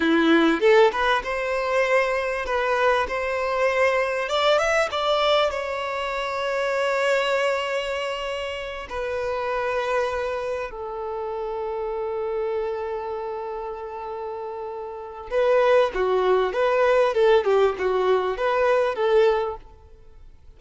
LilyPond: \new Staff \with { instrumentName = "violin" } { \time 4/4 \tempo 4 = 98 e'4 a'8 b'8 c''2 | b'4 c''2 d''8 e''8 | d''4 cis''2.~ | cis''2~ cis''8 b'4.~ |
b'4. a'2~ a'8~ | a'1~ | a'4 b'4 fis'4 b'4 | a'8 g'8 fis'4 b'4 a'4 | }